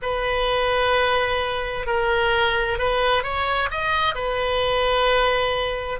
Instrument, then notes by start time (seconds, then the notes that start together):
oboe
0.02 B4
1.86 A#4
2.78 B4
3.23 C#5
3.70 D#5
4.15 B4